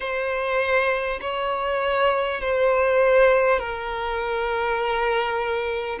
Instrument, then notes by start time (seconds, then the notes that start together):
violin
0.00 C5
1.21 C#5
2.41 C5
3.59 A#4